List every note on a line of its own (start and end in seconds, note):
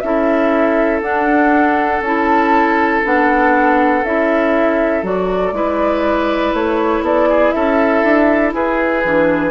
0.00 1.02 C#4
0.00 1.02 E4
0.00 5.55 A4
0.00 1.00 E5
1.02 2.01 D4
1.02 2.02 D4
1.02 2.02 F#5
2.01 3.01 C#4
2.01 3.05 E4
2.01 3.03 A5
3.05 4.04 B3
3.05 4.05 D4
3.05 4.05 F#5
4.04 5.03 C#4
4.04 5.04 E4
4.04 5.05 E5
5.03 5.52 F#3
5.03 5.54 F#4
5.03 6.55 D5
5.52 6.52 G#3
5.52 9.04 E4
5.52 7.04 B4
6.54 7.02 A3
6.54 7.05 C#5
7.02 7.52 B3
7.02 7.29 A4
7.02 7.51 D5
7.29 7.54 G#4
7.51 8.04 C#4
7.51 8.55 A4
7.51 8.51 E5
8.04 8.54 D4
8.54 9.04 E4
8.54 9.51 G#4
8.54 9.51 B4
9.05 9.51 E3
9.05 9.51 D4